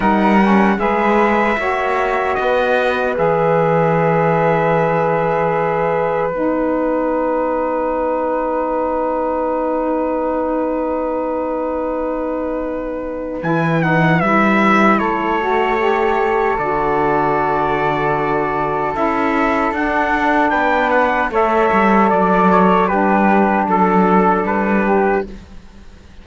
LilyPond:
<<
  \new Staff \with { instrumentName = "trumpet" } { \time 4/4 \tempo 4 = 76 fis''4 e''2 dis''4 | e''1 | fis''1~ | fis''1~ |
fis''4 gis''8 fis''8 e''4 cis''4~ | cis''4 d''2. | e''4 fis''4 g''8 fis''8 e''4 | d''8 cis''8 b'4 a'4 b'4 | }
  \new Staff \with { instrumentName = "flute" } { \time 4/4 ais'4 b'4 cis''4 b'4~ | b'1~ | b'1~ | b'1~ |
b'2. a'4~ | a'1~ | a'2 b'4 cis''4 | d''4 g'4 a'4. g'8 | }
  \new Staff \with { instrumentName = "saxophone" } { \time 4/4 dis'8 cis'8 gis'4 fis'2 | gis'1 | dis'1~ | dis'1~ |
dis'4 e'8 dis'8 e'4. fis'8 | g'4 fis'2. | e'4 d'2 a'4~ | a'4 d'2. | }
  \new Staff \with { instrumentName = "cello" } { \time 4/4 g4 gis4 ais4 b4 | e1 | b1~ | b1~ |
b4 e4 g4 a4~ | a4 d2. | cis'4 d'4 b4 a8 g8 | fis4 g4 fis4 g4 | }
>>